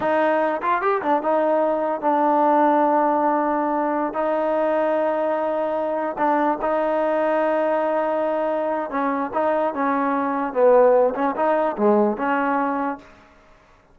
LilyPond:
\new Staff \with { instrumentName = "trombone" } { \time 4/4 \tempo 4 = 148 dis'4. f'8 g'8 d'8 dis'4~ | dis'4 d'2.~ | d'2~ d'16 dis'4.~ dis'16~ | dis'2.~ dis'16 d'8.~ |
d'16 dis'2.~ dis'8.~ | dis'2 cis'4 dis'4 | cis'2 b4. cis'8 | dis'4 gis4 cis'2 | }